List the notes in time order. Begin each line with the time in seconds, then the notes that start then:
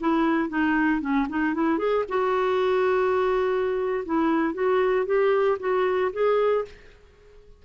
0.00 E4
0.49 D#4
1.01 C#4
1.29 D#4
1.54 E4
1.78 G#4
2.08 F#4
4.05 E4
4.54 F#4
5.05 G4
5.59 F#4
6.12 G#4